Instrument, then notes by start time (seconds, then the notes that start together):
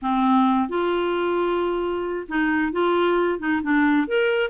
clarinet
0.01 C4
0.68 F4
2.28 D#4
2.72 F4
3.39 D#4
3.63 D4
4.07 A#4